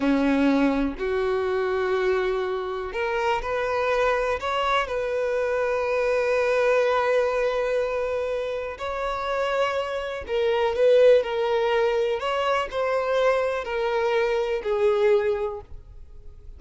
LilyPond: \new Staff \with { instrumentName = "violin" } { \time 4/4 \tempo 4 = 123 cis'2 fis'2~ | fis'2 ais'4 b'4~ | b'4 cis''4 b'2~ | b'1~ |
b'2 cis''2~ | cis''4 ais'4 b'4 ais'4~ | ais'4 cis''4 c''2 | ais'2 gis'2 | }